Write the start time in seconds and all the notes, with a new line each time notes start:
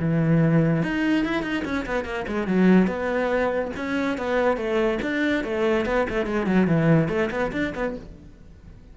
0.00 E3
0.83 D#4
1.25 E4
1.43 D#4
1.65 C#4
1.86 B3
2.05 A#3
2.28 G#3
2.47 F#3
2.88 B3
3.77 C#4
4.18 B3
4.57 A3
5.02 D4
5.44 A3
5.86 B3
6.10 A3
6.26 G#3
6.47 F#3
6.68 E3
7.09 A3
7.31 B3
7.52 D4
7.75 B3